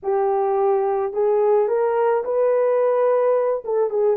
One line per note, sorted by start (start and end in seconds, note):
0.03 1.13 G4
1.13 1.68 G#4
1.68 2.23 A#4
2.24 3.63 B4
3.64 3.89 A4
3.89 4.16 G#4